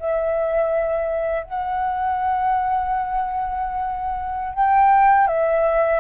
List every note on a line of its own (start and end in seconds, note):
0.00 1.44 E5
1.44 4.55 F#5
4.55 5.28 G5
5.28 6.00 E5